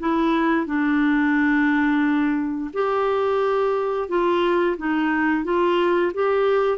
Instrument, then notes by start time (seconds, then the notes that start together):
clarinet
0.00 E4
0.67 D4
2.74 G4
4.09 F4
4.78 D#4
5.45 F4
6.14 G4